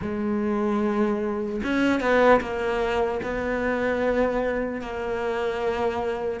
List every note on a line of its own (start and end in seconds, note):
0.01 1.61 G#3
1.63 2.00 C#4
2.00 2.40 B3
2.40 3.20 A#3
3.23 4.81 B3
4.81 6.40 A#3